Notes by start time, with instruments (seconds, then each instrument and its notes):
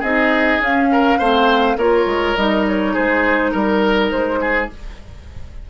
0.00 bassoon C4, clarinet D#4, oboe G#4, flute D#5
0.60 bassoon C#4, clarinet C#4, flute F5
0.92 oboe A#4
1.19 bassoon A3, clarinet C4, oboe C5
1.77 bassoon A#3, clarinet F4, oboe A#4, flute C#5
2.06 bassoon G#3
2.37 bassoon G3, clarinet D#4, flute D#5
2.67 flute C#5
2.94 bassoon G#3, oboe G#4, flute C5
3.52 bassoon G3, oboe A#4, flute A#4
4.11 bassoon G#3, flute C5
4.41 oboe G#4